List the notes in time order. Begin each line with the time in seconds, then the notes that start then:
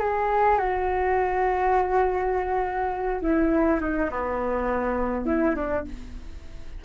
0.00 G#4
0.59 F#4
3.21 E4
3.81 D#4
4.11 B3
5.26 E4
5.56 D4